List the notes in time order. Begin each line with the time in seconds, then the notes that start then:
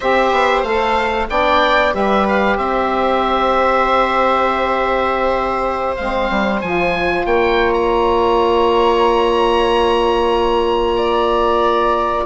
0.00 C4 G4 C5 E5
0.31 B3
0.62 A3 A4 F5
1.28 B3 D4 D5 G5
1.92 G3 G4 B4 E5
2.28 F5
2.57 C4 C5 E5
5.96 G#3 C4 F5
6.30 G3
6.61 F3 F4 G#5
7.25 A#3 C#5 G5
7.73 A#5
10.97 D5